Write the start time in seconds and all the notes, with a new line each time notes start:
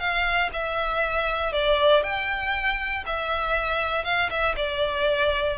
0.00 F5
0.53 E5
1.53 D5
2.04 G5
3.06 E5
4.05 F5
4.30 E5
4.57 D5